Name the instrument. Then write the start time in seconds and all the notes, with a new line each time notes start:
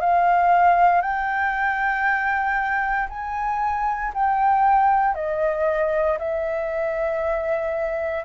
flute
0.00 F5
1.01 G5
3.09 G#5
4.14 G5
5.14 D#5
6.18 E5